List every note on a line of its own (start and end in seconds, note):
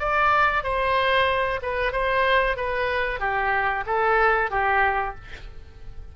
0.00 0.64 D5
0.64 1.61 C5
1.63 1.93 B4
1.93 2.57 C5
2.57 3.20 B4
3.20 3.85 G4
3.87 4.51 A4
4.51 5.16 G4